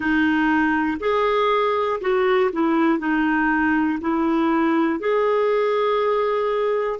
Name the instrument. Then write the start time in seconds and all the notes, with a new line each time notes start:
clarinet
0.00 D#4
1.00 G#4
2.00 F#4
2.52 E4
2.98 D#4
4.00 E4
5.00 G#4